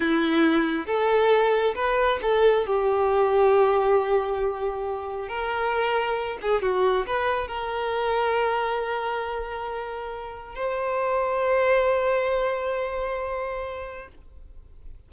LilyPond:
\new Staff \with { instrumentName = "violin" } { \time 4/4 \tempo 4 = 136 e'2 a'2 | b'4 a'4 g'2~ | g'1 | ais'2~ ais'8 gis'8 fis'4 |
b'4 ais'2.~ | ais'1 | c''1~ | c''1 | }